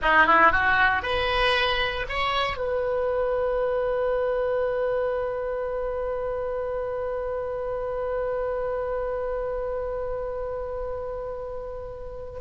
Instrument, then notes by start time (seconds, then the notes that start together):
oboe
0.02 D#4
0.26 E4
0.52 F#4
1.02 B4
2.09 C#5
2.57 B4